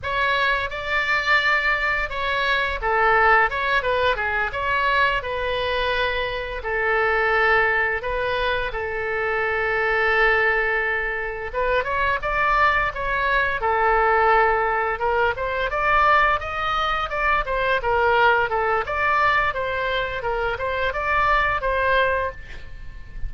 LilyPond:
\new Staff \with { instrumentName = "oboe" } { \time 4/4 \tempo 4 = 86 cis''4 d''2 cis''4 | a'4 cis''8 b'8 gis'8 cis''4 b'8~ | b'4. a'2 b'8~ | b'8 a'2.~ a'8~ |
a'8 b'8 cis''8 d''4 cis''4 a'8~ | a'4. ais'8 c''8 d''4 dis''8~ | dis''8 d''8 c''8 ais'4 a'8 d''4 | c''4 ais'8 c''8 d''4 c''4 | }